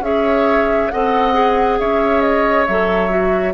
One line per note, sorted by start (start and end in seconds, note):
0.00 0.88 C#4
0.00 0.90 G#4
0.00 0.92 C#5
0.00 0.90 E5
0.90 1.79 C4
0.90 1.33 A4
0.90 1.79 D#5
0.90 1.78 F#5
1.33 2.65 G#4
1.79 2.68 C#4
1.79 3.53 C#5
1.79 2.21 E5
2.21 2.65 D#5
2.66 3.53 F#3
2.66 3.10 A4
2.66 3.53 E5
3.10 3.53 F#4